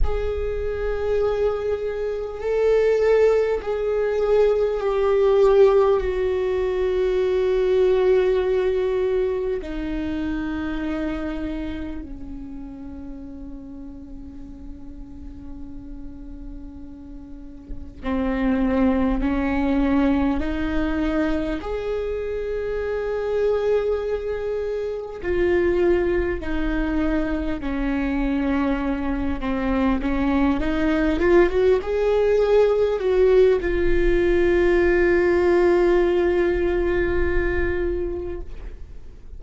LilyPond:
\new Staff \with { instrumentName = "viola" } { \time 4/4 \tempo 4 = 50 gis'2 a'4 gis'4 | g'4 fis'2. | dis'2 cis'2~ | cis'2. c'4 |
cis'4 dis'4 gis'2~ | gis'4 f'4 dis'4 cis'4~ | cis'8 c'8 cis'8 dis'8 f'16 fis'16 gis'4 fis'8 | f'1 | }